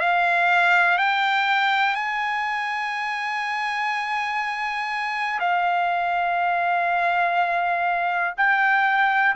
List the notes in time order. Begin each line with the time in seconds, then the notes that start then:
0.00 F5
0.98 G5
1.94 G#5
5.39 F5
8.37 G5